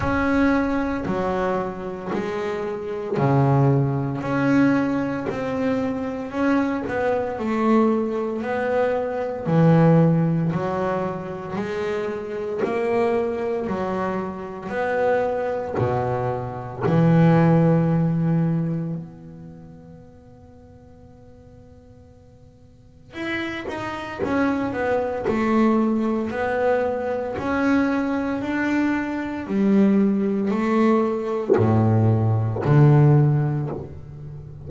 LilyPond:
\new Staff \with { instrumentName = "double bass" } { \time 4/4 \tempo 4 = 57 cis'4 fis4 gis4 cis4 | cis'4 c'4 cis'8 b8 a4 | b4 e4 fis4 gis4 | ais4 fis4 b4 b,4 |
e2 b2~ | b2 e'8 dis'8 cis'8 b8 | a4 b4 cis'4 d'4 | g4 a4 a,4 d4 | }